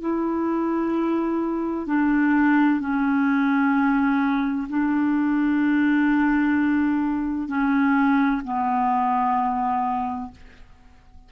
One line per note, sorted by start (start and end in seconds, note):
0.00 1.87 E4
1.87 2.80 D4
2.80 4.67 C#4
4.69 7.48 D4
7.48 8.42 C#4
8.44 10.31 B3